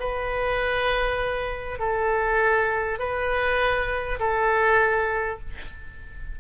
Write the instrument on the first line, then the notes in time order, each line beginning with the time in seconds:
oboe
0.00 B4
1.79 A4
2.99 B4
4.20 A4